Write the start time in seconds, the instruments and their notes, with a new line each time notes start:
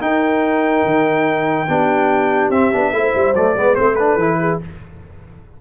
0.00 trombone D#4, tuba D#4, horn A#4, trumpet G5
0.85 tuba D#3
1.68 tuba B3, trombone D4, horn G4
2.50 tuba C4, trombone C4, trumpet E5
2.72 tuba B3, trombone D4
2.92 tuba A3, trombone E4, horn C5
3.15 tuba G3
3.33 tuba F#3, trombone A3, trumpet D5
3.56 tuba G#3, trombone B3, horn B4
3.75 tuba A3, trombone C4, horn A4, trumpet C5
3.95 trombone D4, trumpet B4
4.16 tuba E3, trombone E4
4.39 horn G#4